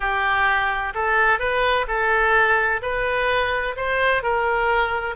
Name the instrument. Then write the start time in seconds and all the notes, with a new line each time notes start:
oboe
0.00 G4
0.94 A4
1.39 B4
1.87 A4
2.81 B4
3.76 C5
4.23 A#4